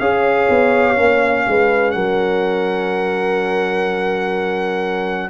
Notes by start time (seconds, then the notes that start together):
0.00 C#4 G#4 C#5 F5
0.50 B3
0.96 A#3 C#4
1.48 G#3 B4
1.92 F#3 A#4 F#5